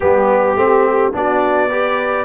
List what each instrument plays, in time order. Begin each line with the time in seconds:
0.00 tuba G3, trombone B3, trumpet G4, horn G4
0.55 tuba A3, trombone C4
1.12 tuba B3, trombone D4, horn F#4, trumpet D5
1.70 trombone G4, horn B4